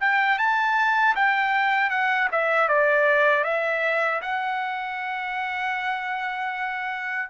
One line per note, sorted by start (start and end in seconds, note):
0.00 0.38 G5
0.38 1.15 A5
1.15 1.90 G5
1.90 2.28 F#5
2.31 2.68 E5
2.68 3.44 D5
3.44 4.21 E5
4.21 7.29 F#5